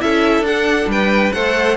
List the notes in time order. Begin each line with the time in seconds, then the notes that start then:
0.00 C#4 E4 A4 E5
0.41 D4 F#5
0.87 G3 B4 G5
1.33 A3 A4 C5 F#5